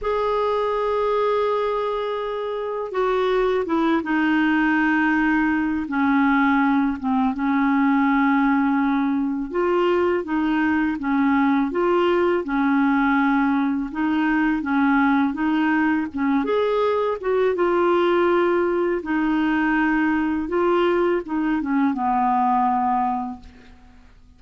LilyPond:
\new Staff \with { instrumentName = "clarinet" } { \time 4/4 \tempo 4 = 82 gis'1 | fis'4 e'8 dis'2~ dis'8 | cis'4. c'8 cis'2~ | cis'4 f'4 dis'4 cis'4 |
f'4 cis'2 dis'4 | cis'4 dis'4 cis'8 gis'4 fis'8 | f'2 dis'2 | f'4 dis'8 cis'8 b2 | }